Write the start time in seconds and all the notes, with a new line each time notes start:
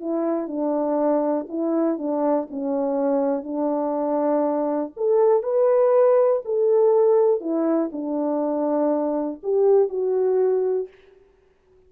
0.00 E4
0.47 D4
1.49 E4
1.98 D4
2.50 C#4
3.43 D4
4.97 A4
5.43 B4
6.45 A4
7.40 E4
7.92 D4
9.43 G4
9.89 F#4